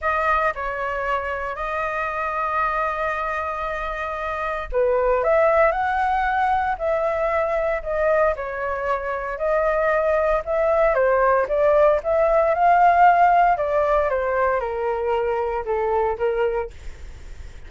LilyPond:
\new Staff \with { instrumentName = "flute" } { \time 4/4 \tempo 4 = 115 dis''4 cis''2 dis''4~ | dis''1~ | dis''4 b'4 e''4 fis''4~ | fis''4 e''2 dis''4 |
cis''2 dis''2 | e''4 c''4 d''4 e''4 | f''2 d''4 c''4 | ais'2 a'4 ais'4 | }